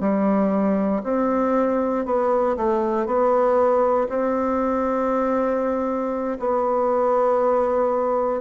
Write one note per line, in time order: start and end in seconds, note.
0.00 1.02 G3
1.04 2.05 C4
2.05 2.56 B3
2.57 3.06 A3
3.06 4.08 B3
4.09 6.38 C4
6.39 8.41 B3